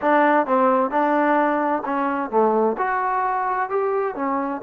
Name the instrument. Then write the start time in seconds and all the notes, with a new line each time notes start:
trombone
0.01 D4
0.46 C4
0.90 D4
1.85 C#4
2.30 A3
2.78 F#4
3.69 G4
4.15 C#4